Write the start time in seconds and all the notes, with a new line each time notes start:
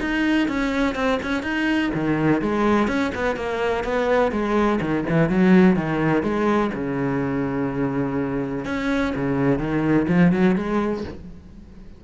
0.00 D#4
0.48 C#4
0.95 C4
1.22 C#4
1.42 D#4
1.94 D#3
2.41 G#3
2.87 C#4
3.14 B3
3.36 A#3
3.84 B3
4.31 G#3
4.80 D#3
5.09 E3
5.29 F#3
5.76 D#3
6.22 G#3
6.74 C#3
8.65 C#4
9.15 C#3
9.58 D#3
10.08 F3
10.32 F#3
10.55 G#3